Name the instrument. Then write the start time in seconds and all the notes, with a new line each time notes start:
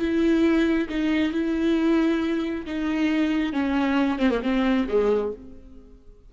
viola
0.00 E4
0.89 D#4
1.33 E4
2.66 D#4
3.53 C#4
4.20 C4
4.31 A#3
4.43 C4
4.89 G#3